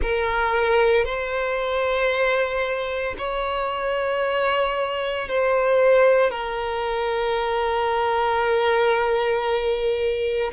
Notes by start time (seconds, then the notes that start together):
0.02 A#4
1.04 C5
3.18 C#5
5.28 C5
6.30 A#4